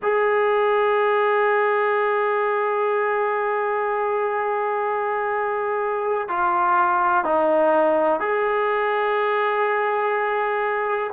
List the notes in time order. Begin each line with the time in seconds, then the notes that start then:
0.02 G#4
6.28 F4
7.24 D#4
8.20 G#4